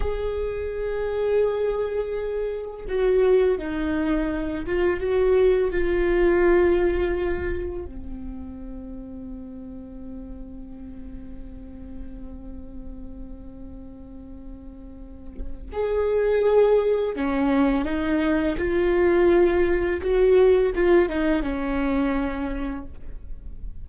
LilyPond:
\new Staff \with { instrumentName = "viola" } { \time 4/4 \tempo 4 = 84 gis'1 | fis'4 dis'4. f'8 fis'4 | f'2. c'4~ | c'1~ |
c'1~ | c'2 gis'2 | cis'4 dis'4 f'2 | fis'4 f'8 dis'8 cis'2 | }